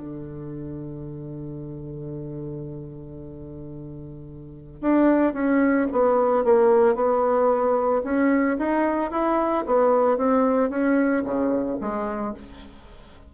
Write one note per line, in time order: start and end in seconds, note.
0.00 4.81 D3
4.81 5.34 D4
5.34 5.87 C#4
5.91 6.44 B3
6.44 6.95 A#3
6.95 8.02 B3
8.04 8.57 C#4
8.58 9.11 D#4
9.11 9.65 E4
9.66 10.17 B3
10.17 10.70 C4
10.70 11.23 C#4
11.24 11.78 C#3
11.81 12.34 G#3